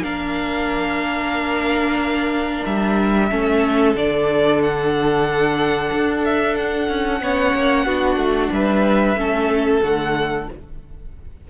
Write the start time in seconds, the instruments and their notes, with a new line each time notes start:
0.00 cello A#3, viola D4, violin A#4 F5
2.65 cello G3, violin E5
3.30 cello A3, viola C#4, violin A4
3.95 cello D3, viola D4, violin D5
4.62 violin F#5
5.92 cello D4
6.25 violin E5
6.56 violin F#5
6.88 cello C#4
7.21 cello B3, viola C#4, violin C#5
7.54 cello A#3
7.85 cello B3, viola D4, violin F#4
8.16 cello A3
8.51 cello G3, violin B4 E5
9.15 cello A3, viola C#4, violin A4
9.82 cello D3, viola A3, violin F#5